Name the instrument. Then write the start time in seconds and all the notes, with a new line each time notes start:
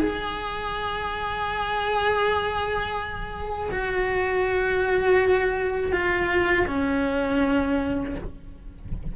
cello
0.00 G#4
3.71 F#4
5.92 F4
6.67 C#4